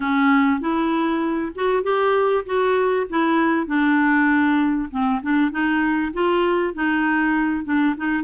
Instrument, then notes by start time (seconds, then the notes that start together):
clarinet
0.00 C#4
0.60 E4
1.55 F#4
1.83 G4
2.45 F#4
3.09 E4
3.67 D4
4.90 C4
5.22 D4
5.51 D#4
6.13 F4
6.73 D#4
7.64 D4
7.96 D#4